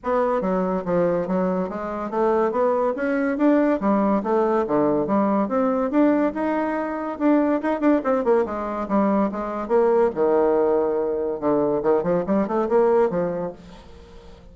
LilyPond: \new Staff \with { instrumentName = "bassoon" } { \time 4/4 \tempo 4 = 142 b4 fis4 f4 fis4 | gis4 a4 b4 cis'4 | d'4 g4 a4 d4 | g4 c'4 d'4 dis'4~ |
dis'4 d'4 dis'8 d'8 c'8 ais8 | gis4 g4 gis4 ais4 | dis2. d4 | dis8 f8 g8 a8 ais4 f4 | }